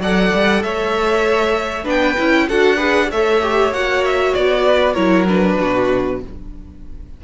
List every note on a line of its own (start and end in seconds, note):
0.00 0.31 F#3
0.00 1.84 A4
0.00 0.63 D5
0.00 0.63 F#5
0.34 0.63 G3
0.63 1.85 A3
0.63 1.84 C#5
0.63 1.86 E5
1.84 2.16 B3
1.84 2.15 D4
1.84 2.46 B4
1.84 2.49 G5
2.18 2.49 C#4
2.18 2.48 E4
2.48 3.11 D4
2.48 2.77 F#4
2.48 2.77 A4
2.48 3.11 F#5
2.77 3.08 G#4
2.77 3.08 B4
3.11 3.71 A3
3.11 3.42 A4
3.11 4.66 C#5
3.11 3.73 E5
3.42 3.73 G4
3.71 4.33 A#3
3.71 4.95 F#4
3.71 4.04 F#5
4.05 4.34 E5
4.34 4.96 B3
4.34 4.94 D5
4.66 4.93 B4
4.93 5.58 F#3
4.93 5.26 E4
4.93 5.55 A#4
4.93 5.24 C#5
5.28 6.20 D4
5.28 6.21 B4
5.59 6.23 B2
5.59 6.21 F#4